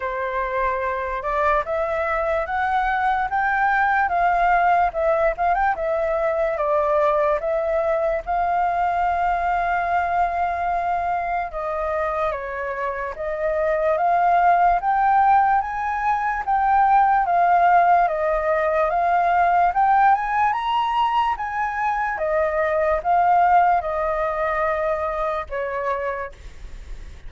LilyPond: \new Staff \with { instrumentName = "flute" } { \time 4/4 \tempo 4 = 73 c''4. d''8 e''4 fis''4 | g''4 f''4 e''8 f''16 g''16 e''4 | d''4 e''4 f''2~ | f''2 dis''4 cis''4 |
dis''4 f''4 g''4 gis''4 | g''4 f''4 dis''4 f''4 | g''8 gis''8 ais''4 gis''4 dis''4 | f''4 dis''2 cis''4 | }